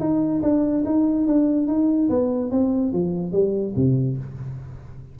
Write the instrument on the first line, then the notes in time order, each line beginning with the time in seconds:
tuba
0.00 D#4
0.42 D4
0.86 D#4
1.27 D4
1.67 D#4
2.10 B3
2.51 C4
2.93 F3
3.32 G3
3.76 C3